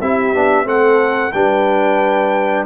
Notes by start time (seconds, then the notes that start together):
0.00 C4 E4 G4 E5
0.34 B3 D4
0.64 A3 C4 A4 F#5
1.32 G3 D4 B4 G5